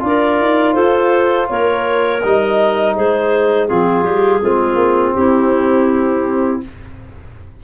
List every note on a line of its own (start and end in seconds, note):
0.00 0.40 D4
0.00 2.20 F4
0.00 0.74 D5
0.06 0.75 A#4
0.40 0.76 D#4
0.74 1.49 F4
0.74 1.48 A4
0.74 1.47 C5
1.49 2.23 A#3
1.49 2.96 A#4
1.49 2.22 C#5
2.22 2.98 G3
2.22 3.69 D#4
2.22 2.96 D#5
2.96 3.71 G#3
2.96 3.70 G#4
2.96 3.68 C5
3.68 4.05 F3
3.68 4.03 C4
3.68 4.42 F4
3.68 5.14 G#4
4.03 4.41 G3
4.03 4.40 G4
4.42 4.75 G#3
4.42 6.62 C4
4.42 5.15 F4
4.75 5.12 A#3
5.14 6.63 C4
5.14 6.64 E4
5.14 6.60 G4